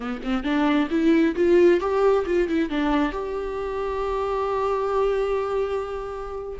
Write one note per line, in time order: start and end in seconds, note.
0.00 0.21 B3
0.23 0.43 C4
0.43 0.88 D4
0.90 1.35 E4
1.35 1.80 F4
1.80 2.25 G4
2.26 2.48 F4
2.48 2.69 E4
2.69 3.12 D4
3.12 6.59 G4